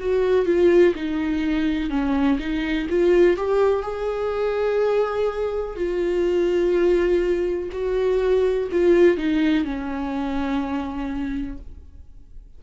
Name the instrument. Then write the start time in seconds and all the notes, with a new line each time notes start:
viola
0.00 F#4
0.46 F4
0.95 D#4
1.90 C#4
2.40 D#4
2.90 F4
3.37 G4
3.83 G#4
5.76 F4
7.72 F#4
8.72 F4
9.18 D#4
9.65 C#4